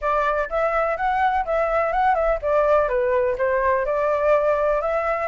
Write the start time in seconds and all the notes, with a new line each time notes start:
0.01 D5
0.49 E5
0.96 F#5
1.45 E5
1.92 F#5
2.14 E5
2.41 D5
2.88 B4
3.37 C5
3.85 D5
4.81 E5